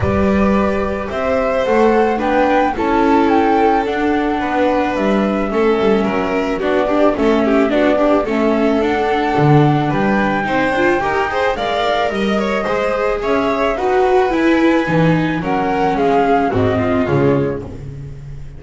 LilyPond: <<
  \new Staff \with { instrumentName = "flute" } { \time 4/4 \tempo 4 = 109 d''2 e''4 fis''4 | g''4 a''4 g''4 fis''4~ | fis''4 e''2. | d''4 e''4 d''4 e''4 |
fis''2 g''2~ | g''4 f''4 dis''2 | e''4 fis''4 gis''2 | fis''4 f''4 dis''4 cis''4 | }
  \new Staff \with { instrumentName = "violin" } { \time 4/4 b'2 c''2 | b'4 a'2. | b'2 a'4 ais'4 | fis'8 d'8 a'8 g'8 fis'8 d'8 a'4~ |
a'2 b'4 c''4 | ais'8 c''8 d''4 dis''8 cis''8 c''4 | cis''4 b'2. | ais'4 gis'4 fis'8 f'4. | }
  \new Staff \with { instrumentName = "viola" } { \time 4/4 g'2. a'4 | d'4 e'2 d'4~ | d'2 cis'2 | d'8 g'8 cis'4 d'8 g'8 cis'4 |
d'2. dis'8 f'8 | g'8 gis'8 ais'2 gis'4~ | gis'4 fis'4 e'4 dis'4 | cis'2 c'4 gis4 | }
  \new Staff \with { instrumentName = "double bass" } { \time 4/4 g2 c'4 a4 | b4 cis'2 d'4 | b4 g4 a8 g8 fis4 | b4 a4 b4 a4 |
d'4 d4 g4 c'8 d'8 | dis'4 gis4 g4 gis4 | cis'4 dis'4 e'4 e4 | fis4 gis4 gis,4 cis4 | }
>>